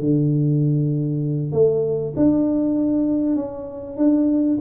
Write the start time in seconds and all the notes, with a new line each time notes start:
0.00 D3
1.53 A3
2.17 D4
3.36 C#4
3.97 D4